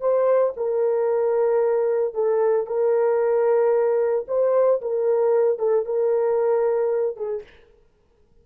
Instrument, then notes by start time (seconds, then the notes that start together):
horn
0.00 C5
0.56 A#4
2.14 A4
2.66 A#4
4.28 C5
4.81 A#4
5.58 A4
5.85 A#4
7.16 G#4